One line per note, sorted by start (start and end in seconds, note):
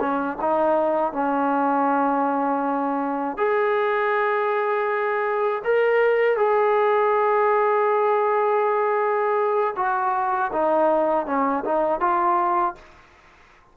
0.00 0.38 C#4
0.41 1.13 D#4
1.13 3.38 C#4
3.38 5.62 G#4
5.65 6.37 A#4
6.37 9.75 G#4
9.77 10.52 F#4
10.53 11.27 D#4
11.27 11.64 C#4
11.65 12.00 D#4
12.00 12.75 F4